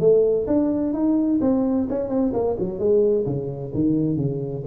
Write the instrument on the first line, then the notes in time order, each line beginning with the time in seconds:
tuba
0.00 A3
0.47 D4
0.94 D#4
1.41 C4
1.89 C#4
2.09 C4
2.34 A#3
2.59 F#3
2.79 G#3
3.26 C#3
3.75 D#3
4.17 C#3